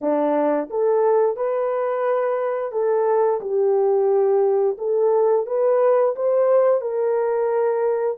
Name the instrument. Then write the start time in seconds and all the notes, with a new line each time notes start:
horn
0.01 D4
0.70 A4
1.36 B4
2.72 A4
3.41 G4
4.78 A4
5.46 B4
6.15 C5
6.81 A#4